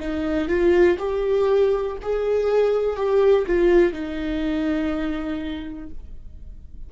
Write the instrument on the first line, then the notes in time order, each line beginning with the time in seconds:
viola
0.00 D#4
0.48 F4
0.99 G4
2.02 G#4
2.96 G4
3.46 F4
3.93 D#4